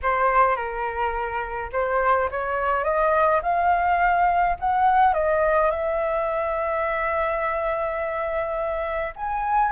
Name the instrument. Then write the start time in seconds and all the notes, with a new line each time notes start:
flute
0.02 C5
0.56 A#4
1.72 C5
2.30 C#5
2.83 D#5
3.42 F5
4.59 F#5
5.13 D#5
5.70 E5
9.16 G#5